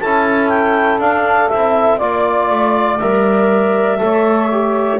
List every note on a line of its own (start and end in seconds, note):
0.00 0.99 C#4
0.00 1.01 E4
0.00 1.98 A4
0.00 0.49 A5
0.49 0.99 G5
0.99 1.49 D4
0.99 1.51 D4
0.99 1.49 F5
1.49 2.01 C4
1.49 2.00 E4
1.49 1.98 E5
1.98 2.50 A#3
1.98 3.00 F4
1.98 2.98 D5
1.98 3.98 D5
2.50 3.00 A3
2.99 4.01 G3
2.99 3.99 A#4
2.99 4.99 E5
3.99 5.00 A3
3.99 4.49 A4
3.99 5.00 C#5
4.51 5.00 G4